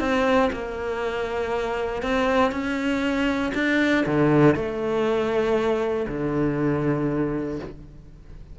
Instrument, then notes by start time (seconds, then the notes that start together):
cello
0.00 C4
0.53 A#3
2.03 C4
2.52 C#4
3.55 D4
4.07 D3
4.56 A3
6.08 D3